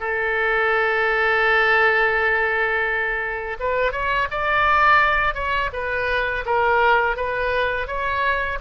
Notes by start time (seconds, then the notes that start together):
0.00 A4
3.59 B4
3.92 C#5
4.31 D5
5.34 C#5
5.73 B4
6.45 A#4
7.16 B4
7.87 C#5